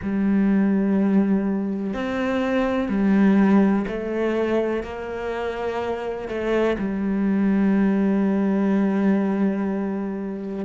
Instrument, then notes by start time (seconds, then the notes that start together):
cello
0.02 G3
1.93 C4
2.89 G3
3.87 A3
4.83 A#3
6.28 A3
6.78 G3